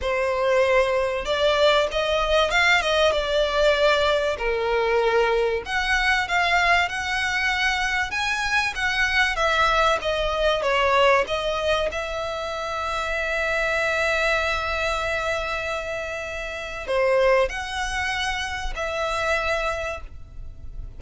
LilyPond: \new Staff \with { instrumentName = "violin" } { \time 4/4 \tempo 4 = 96 c''2 d''4 dis''4 | f''8 dis''8 d''2 ais'4~ | ais'4 fis''4 f''4 fis''4~ | fis''4 gis''4 fis''4 e''4 |
dis''4 cis''4 dis''4 e''4~ | e''1~ | e''2. c''4 | fis''2 e''2 | }